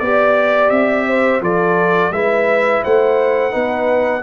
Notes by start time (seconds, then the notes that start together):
0.00 B3 G4 D5
0.71 C4 E5
1.08 C5
1.42 F3 F4 A4 D5
2.11 G#3 E4 B4 E5
2.84 A3 C5 F#5
3.51 B3 D#4 B4